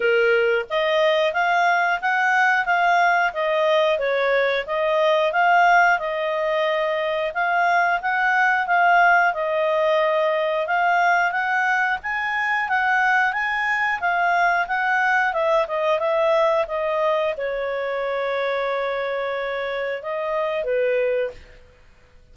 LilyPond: \new Staff \with { instrumentName = "clarinet" } { \time 4/4 \tempo 4 = 90 ais'4 dis''4 f''4 fis''4 | f''4 dis''4 cis''4 dis''4 | f''4 dis''2 f''4 | fis''4 f''4 dis''2 |
f''4 fis''4 gis''4 fis''4 | gis''4 f''4 fis''4 e''8 dis''8 | e''4 dis''4 cis''2~ | cis''2 dis''4 b'4 | }